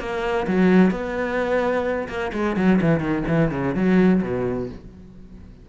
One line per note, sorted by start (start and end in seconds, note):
0.00 0.47 A#3
0.48 0.91 F#3
0.91 2.08 B3
2.09 2.32 A#3
2.33 2.57 G#3
2.57 2.80 F#3
2.81 3.00 E3
3.00 3.24 D#3
3.28 3.52 E3
3.52 3.75 C#3
3.75 4.22 F#3
4.23 4.69 B2